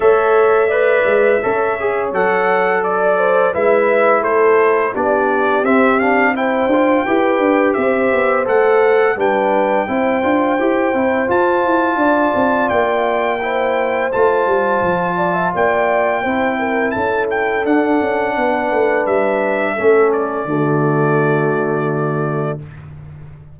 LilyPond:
<<
  \new Staff \with { instrumentName = "trumpet" } { \time 4/4 \tempo 4 = 85 e''2. fis''4 | d''4 e''4 c''4 d''4 | e''8 f''8 g''2 e''4 | fis''4 g''2. |
a''2 g''2 | a''2 g''2 | a''8 g''8 fis''2 e''4~ | e''8 d''2.~ d''8 | }
  \new Staff \with { instrumentName = "horn" } { \time 4/4 cis''4 d''4 cis''2 | d''8 c''8 b'4 a'4 g'4~ | g'4 c''4 b'4 c''4~ | c''4 b'4 c''2~ |
c''4 d''2 c''4~ | c''4. d''16 e''16 d''4 c''8 ais'8 | a'2 b'2 | a'4 fis'2. | }
  \new Staff \with { instrumentName = "trombone" } { \time 4/4 a'4 b'4 a'8 gis'8 a'4~ | a'4 e'2 d'4 | c'8 d'8 e'8 f'8 g'2 | a'4 d'4 e'8 f'8 g'8 e'8 |
f'2. e'4 | f'2. e'4~ | e'4 d'2. | cis'4 a2. | }
  \new Staff \with { instrumentName = "tuba" } { \time 4/4 a4. gis8 cis'4 fis4~ | fis4 gis4 a4 b4 | c'4. d'8 e'8 d'8 c'8 b8 | a4 g4 c'8 d'8 e'8 c'8 |
f'8 e'8 d'8 c'8 ais2 | a8 g8 f4 ais4 c'4 | cis'4 d'8 cis'8 b8 a8 g4 | a4 d2. | }
>>